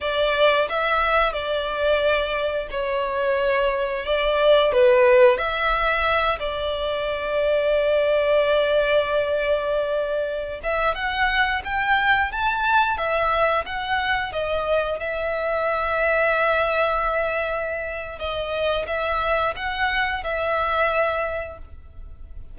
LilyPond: \new Staff \with { instrumentName = "violin" } { \time 4/4 \tempo 4 = 89 d''4 e''4 d''2 | cis''2 d''4 b'4 | e''4. d''2~ d''8~ | d''2.~ d''8. e''16~ |
e''16 fis''4 g''4 a''4 e''8.~ | e''16 fis''4 dis''4 e''4.~ e''16~ | e''2. dis''4 | e''4 fis''4 e''2 | }